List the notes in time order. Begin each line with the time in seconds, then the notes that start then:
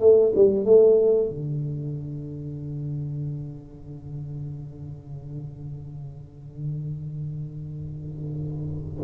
0.00 A3
0.35 G3
0.65 A3
1.29 D3